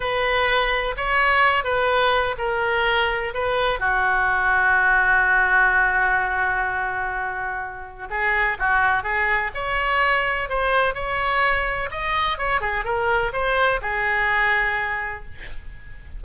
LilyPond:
\new Staff \with { instrumentName = "oboe" } { \time 4/4 \tempo 4 = 126 b'2 cis''4. b'8~ | b'4 ais'2 b'4 | fis'1~ | fis'1~ |
fis'4 gis'4 fis'4 gis'4 | cis''2 c''4 cis''4~ | cis''4 dis''4 cis''8 gis'8 ais'4 | c''4 gis'2. | }